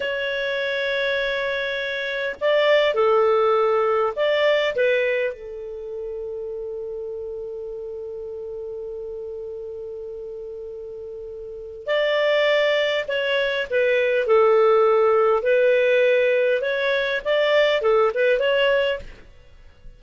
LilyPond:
\new Staff \with { instrumentName = "clarinet" } { \time 4/4 \tempo 4 = 101 cis''1 | d''4 a'2 d''4 | b'4 a'2.~ | a'1~ |
a'1 | d''2 cis''4 b'4 | a'2 b'2 | cis''4 d''4 a'8 b'8 cis''4 | }